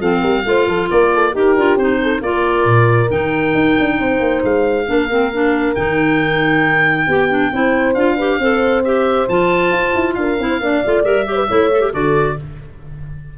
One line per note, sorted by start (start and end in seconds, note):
0.00 0.22 F3
0.00 0.45 C4
0.00 0.21 A4
0.00 0.89 F5
0.21 0.44 G3
0.21 0.43 A#4
0.45 0.67 A3
0.45 1.33 F4
0.45 0.68 C5
0.67 0.89 F3
0.67 0.90 A4
0.90 1.35 A#3
0.90 1.13 A#4
0.90 1.35 D5
1.14 1.33 A4
1.33 1.57 D#4
1.33 1.55 G4
1.33 2.00 G4
1.33 1.77 A#4
1.57 1.75 D4
1.57 1.79 F4
1.75 2.20 C4
1.75 2.22 D#4
1.75 2.22 C5
2.02 2.19 A4
2.19 2.65 A#3
2.19 3.09 F4
2.19 3.95 A#4
2.19 3.10 D5
2.65 3.09 A#2
3.09 3.54 D#3
3.09 4.86 D#4
3.09 4.43 G5
3.54 3.76 D#4
3.80 3.99 D4
3.99 4.20 C4
3.99 4.87 C5
4.20 4.42 A#3
4.43 4.87 G#3
4.43 5.75 F5
4.86 5.76 A#3
4.86 5.08 D4
4.86 7.07 A#4
5.10 5.32 C4
5.33 5.76 D4
5.75 7.07 D#3
5.75 7.09 D#4
5.75 7.94 G5
7.07 7.51 B3
7.07 7.51 G4
7.07 7.29 G4
7.29 7.51 D4
7.53 7.95 C4
7.53 7.96 E4
7.53 8.16 C5
7.94 8.39 D4
7.94 8.18 F4
7.94 8.82 F5
8.16 8.41 G4
8.16 8.38 B4
8.39 9.27 C4
8.39 8.85 A4
8.39 10.16 C5
8.84 9.29 G4
8.84 9.28 E5
9.28 9.71 F3
9.28 10.39 F4
9.28 10.14 A5
9.71 9.93 F4
9.95 10.16 E4
10.14 10.38 D4
10.14 10.48 A#4
10.14 11.03 F5
10.39 10.60 C4
10.39 10.61 E4
10.48 10.59 C5
10.60 10.82 A#3
10.60 10.84 D4
10.60 11.28 D5
10.85 11.04 A3
10.85 11.03 F4
11.03 11.48 G3
11.03 11.25 A#4
11.03 11.92 E5
11.25 11.47 G4
11.25 11.35 C#5
11.35 11.47 B4
11.48 11.94 A3
11.48 11.70 E4
11.48 11.92 C#5
11.72 11.81 A4
11.81 11.92 G4
11.92 12.38 D3
11.92 12.36 F#4
11.92 12.37 A4
11.92 12.38 D5